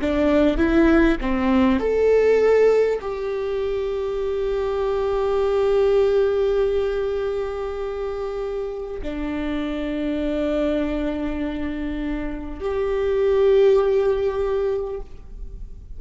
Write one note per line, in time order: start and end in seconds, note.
0.00 0.57 D4
0.57 1.17 E4
1.21 1.79 C4
1.79 2.99 A4
3.01 9.01 G4
9.02 12.60 D4
12.60 15.00 G4